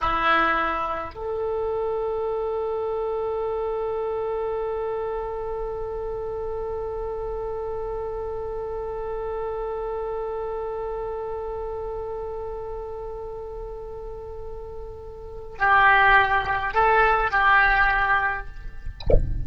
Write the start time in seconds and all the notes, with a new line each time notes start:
0.01 E4
1.14 A4
15.58 G4
16.74 A4
17.31 G4